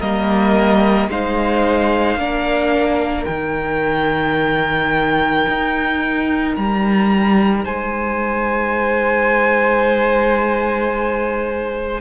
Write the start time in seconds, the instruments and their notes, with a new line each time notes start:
0.00 cello G3, viola A#3, violin A#4 D#5
1.09 cello G#3, viola D#4, violin C5 F5
2.17 cello A#3, viola D4, violin A#4
3.25 cello D#3, viola D#4, violin G5
5.48 cello D#4
6.56 cello G3, violin A#5
7.64 cello G#3, violin C5 G#5